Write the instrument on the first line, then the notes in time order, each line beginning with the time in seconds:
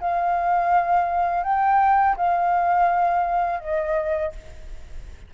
flute
0.00 F5
1.43 G5
2.17 F5
3.60 D#5